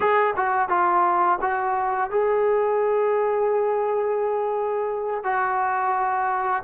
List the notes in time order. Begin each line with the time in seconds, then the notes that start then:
0.00 G#4
0.36 F#4
0.68 F4
1.41 F#4
2.10 G#4
5.23 F#4